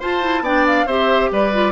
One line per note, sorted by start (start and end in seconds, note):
0.00 0.41 F4
0.00 0.22 F4
0.00 0.43 C5
0.00 0.45 A5
0.22 0.43 E4
0.41 0.84 B3
0.41 0.87 D4
0.41 0.87 D5
0.41 0.66 G5
0.66 0.88 F5
0.87 1.30 C4
0.87 1.53 G4
0.87 1.30 C5
0.87 1.31 E5
1.31 1.72 G3
1.31 1.72 B4
1.31 1.72 D5
1.53 1.72 F4